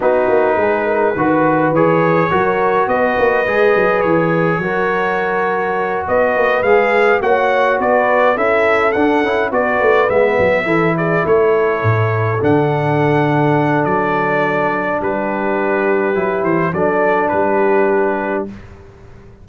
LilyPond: <<
  \new Staff \with { instrumentName = "trumpet" } { \time 4/4 \tempo 4 = 104 b'2. cis''4~ | cis''4 dis''2 cis''4~ | cis''2~ cis''8 dis''4 f''8~ | f''8 fis''4 d''4 e''4 fis''8~ |
fis''8 d''4 e''4. d''8 cis''8~ | cis''4. fis''2~ fis''8 | d''2 b'2~ | b'8 c''8 d''4 b'2 | }
  \new Staff \with { instrumentName = "horn" } { \time 4/4 fis'4 gis'8 ais'8 b'2 | ais'4 b'2. | ais'2~ ais'8 b'4.~ | b'8 cis''4 b'4 a'4.~ |
a'8 b'2 a'8 gis'8 a'8~ | a'1~ | a'2 g'2~ | g'4 a'4 g'2 | }
  \new Staff \with { instrumentName = "trombone" } { \time 4/4 dis'2 fis'4 gis'4 | fis'2 gis'2 | fis'2.~ fis'8 gis'8~ | gis'8 fis'2 e'4 d'8 |
e'8 fis'4 b4 e'4.~ | e'4. d'2~ d'8~ | d'1 | e'4 d'2. | }
  \new Staff \with { instrumentName = "tuba" } { \time 4/4 b8 ais8 gis4 dis4 e4 | fis4 b8 ais8 gis8 fis8 e4 | fis2~ fis8 b8 ais8 gis8~ | gis8 ais4 b4 cis'4 d'8 |
cis'8 b8 a8 gis8 fis8 e4 a8~ | a8 a,4 d2~ d8 | fis2 g2 | fis8 e8 fis4 g2 | }
>>